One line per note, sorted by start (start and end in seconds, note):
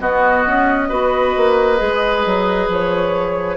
0.00 0.90 B3
0.00 0.45 B3
0.00 0.89 F#4
0.00 2.70 D#5
0.47 0.91 C#4
0.89 1.35 B3
0.89 1.77 F#4
0.89 3.57 B4
1.37 1.81 A#3
1.77 2.26 G#3
1.77 3.56 G#4
2.26 2.68 F#3
2.68 3.57 F3
2.68 3.57 C#5